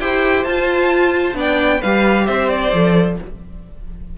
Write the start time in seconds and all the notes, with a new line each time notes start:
0.00 E4 G4 C5 G5
0.44 F4 A5
1.34 B3 D4 D5 G5
1.79 G3 G4 B4 F5
2.26 C4 C5 E5
2.49 D5
2.72 F3 A4